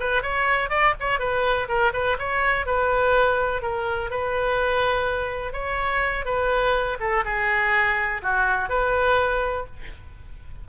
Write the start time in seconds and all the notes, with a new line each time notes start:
0.00 B4
0.22 C#5
0.70 D5
1.00 C#5
1.19 B4
1.68 A#4
1.93 B4
2.19 C#5
2.66 B4
3.62 A#4
4.10 B4
5.53 C#5
6.25 B4
7.00 A4
7.25 G#4
8.22 F#4
8.69 B4